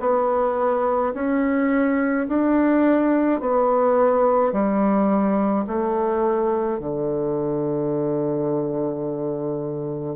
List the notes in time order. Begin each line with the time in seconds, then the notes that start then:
0.00 B3
1.14 C#4
2.28 D4
3.40 B3
4.52 G3
5.67 A3
6.79 D3